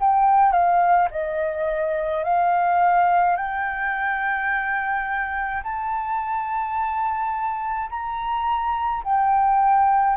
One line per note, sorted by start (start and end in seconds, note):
0.00 0.52 G5
0.52 1.09 F5
1.11 2.24 D#5
2.24 3.37 F5
3.37 5.63 G5
5.63 7.90 A5
7.90 9.04 A#5
9.04 10.17 G5